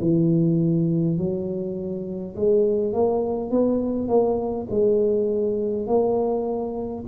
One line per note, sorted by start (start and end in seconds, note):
0.00 1.18 E3
1.18 2.35 F#3
2.36 2.93 G#3
2.93 3.50 A#3
3.50 4.08 B3
4.08 4.67 A#3
4.70 5.87 G#3
5.87 7.04 A#3